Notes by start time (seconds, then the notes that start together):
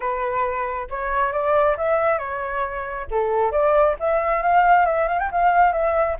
0.00 B4
0.90 C#5
1.32 D5
1.77 E5
2.18 C#5
3.10 A4
3.51 D5
3.99 E5
4.42 F5
4.85 E5
5.08 F5
5.19 G5
5.31 F5
5.72 E5